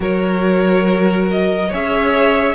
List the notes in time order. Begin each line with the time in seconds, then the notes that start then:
0.00 F#3 F#4 A#4 C#5
1.30 D#5
1.69 C#4 G#4 C#5 E5